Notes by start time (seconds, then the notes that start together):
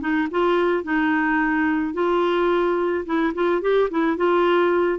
0.00 D#4
0.31 F4
0.83 D#4
1.93 F4
3.05 E4
3.34 F4
3.61 G4
3.90 E4
4.16 F4